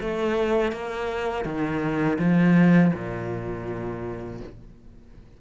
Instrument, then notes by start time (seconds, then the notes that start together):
cello
0.00 A3
0.72 A#3
1.45 D#3
2.19 F3
2.94 A#2